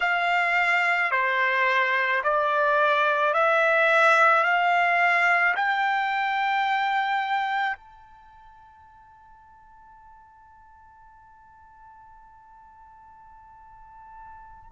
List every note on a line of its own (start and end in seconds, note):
0.00 1.11 F5
1.11 2.22 C5
2.23 3.33 D5
3.33 4.43 E5
4.43 5.55 F5
5.56 7.76 G5
7.76 14.71 A5